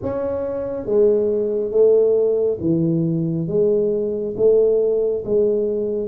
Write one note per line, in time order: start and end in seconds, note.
0.02 0.85 C#4
0.85 1.71 G#3
1.71 2.58 A3
2.60 3.47 E3
3.47 4.34 G#3
4.36 5.23 A3
5.24 6.08 G#3